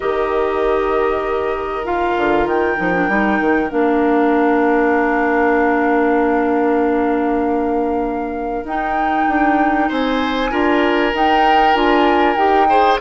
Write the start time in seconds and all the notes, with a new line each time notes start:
0.00 D#3 G4 A#4 D#5
1.84 F4 F5
2.17 D3
2.45 D#3 G5
2.76 F3 D#4
2.93 D4
3.08 G3 D#4
3.40 D#3
3.69 A#3 D4 F5
8.63 D#4 G5
9.28 D4
9.88 C4 C5 G#5
10.50 D4 F4 A#4
11.12 D#4 G5
11.74 D4 F4 G#5
12.35 D#4 G4 G5
12.68 G#4 C5